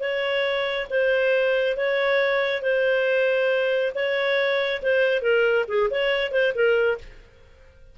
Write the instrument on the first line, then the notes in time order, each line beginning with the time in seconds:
clarinet
0.00 C#5
0.90 C5
1.77 C#5
2.62 C5
3.95 C#5
4.82 C5
5.22 A#4
5.68 G#4
5.90 C#5
6.31 C5
6.55 A#4